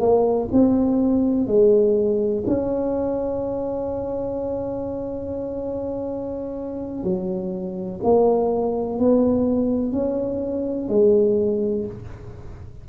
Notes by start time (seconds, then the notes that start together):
0.00 A#3
0.52 C4
1.47 G#3
2.47 C#4
7.04 F#3
8.04 A#3
8.99 B3
9.92 C#4
10.89 G#3